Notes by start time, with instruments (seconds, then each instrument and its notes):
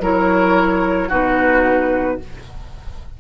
0.00 bassoon F#3, clarinet E4, oboe A#4, flute C#5
1.08 bassoon B2, clarinet D#4, oboe F#4, flute B4